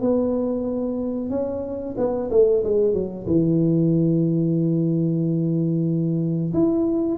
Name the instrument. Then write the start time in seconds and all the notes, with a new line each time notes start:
tuba
0.00 B3
1.29 C#4
1.97 B3
2.30 A3
2.63 G#3
2.93 F#3
3.26 E3
6.53 E4